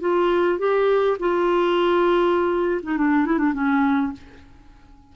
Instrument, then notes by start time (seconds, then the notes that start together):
clarinet
0.00 F4
0.58 G4
1.19 F4
2.82 D#4
2.97 D4
3.25 E4
3.38 D4
3.53 C#4